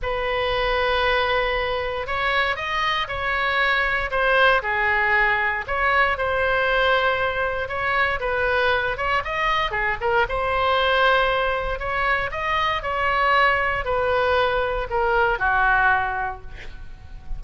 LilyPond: \new Staff \with { instrumentName = "oboe" } { \time 4/4 \tempo 4 = 117 b'1 | cis''4 dis''4 cis''2 | c''4 gis'2 cis''4 | c''2. cis''4 |
b'4. cis''8 dis''4 gis'8 ais'8 | c''2. cis''4 | dis''4 cis''2 b'4~ | b'4 ais'4 fis'2 | }